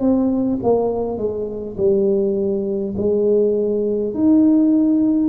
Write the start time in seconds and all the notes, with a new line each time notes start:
0.00 C4
0.63 A#3
1.18 G#3
1.78 G3
2.97 G#3
4.14 D#4